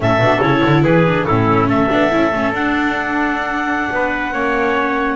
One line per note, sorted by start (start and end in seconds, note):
0.00 0.19 A2
0.00 0.21 C#4
0.00 0.83 A4
0.00 0.41 E5
0.19 0.40 B2
0.19 0.42 D4
0.41 0.62 C#3
0.41 1.05 E4
0.41 0.83 C#5
0.65 0.84 D3
0.83 1.26 E3
0.83 1.26 G#4
0.83 1.25 B4
1.06 1.28 D4
1.25 1.66 A2
1.25 1.89 C#4
1.25 1.69 E4
1.25 1.67 A4
1.66 1.87 A3
1.66 3.90 A4
1.66 2.53 E5
1.89 2.12 B3
1.89 2.10 D4
2.10 2.32 C#4
2.10 2.31 E4
2.32 2.52 A3
2.32 2.55 C#4
2.52 3.89 D4
2.52 4.33 D4
2.52 5.16 F#5
3.90 4.33 B3
3.90 4.32 B4
4.32 5.16 A#3
4.32 5.16 C#4
4.32 5.16 C#5